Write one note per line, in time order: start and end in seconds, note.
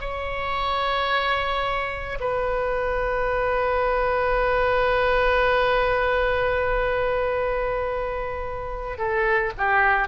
0.00 2.18 C#5
2.20 8.98 B4
8.98 9.52 A4
9.58 10.08 G4